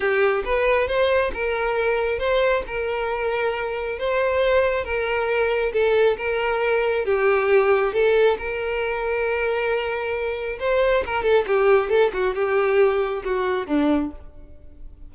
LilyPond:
\new Staff \with { instrumentName = "violin" } { \time 4/4 \tempo 4 = 136 g'4 b'4 c''4 ais'4~ | ais'4 c''4 ais'2~ | ais'4 c''2 ais'4~ | ais'4 a'4 ais'2 |
g'2 a'4 ais'4~ | ais'1 | c''4 ais'8 a'8 g'4 a'8 fis'8 | g'2 fis'4 d'4 | }